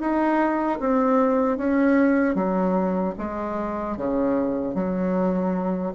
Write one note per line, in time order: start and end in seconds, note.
0.00 0.79 D#4
0.79 1.57 C4
1.57 2.35 C#4
2.35 3.14 F#3
3.18 3.97 G#3
3.97 4.74 C#3
4.74 5.93 F#3